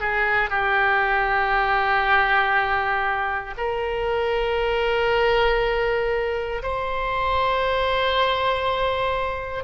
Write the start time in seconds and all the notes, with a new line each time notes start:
0.00 G#4
0.49 G4
3.57 A#4
6.62 C5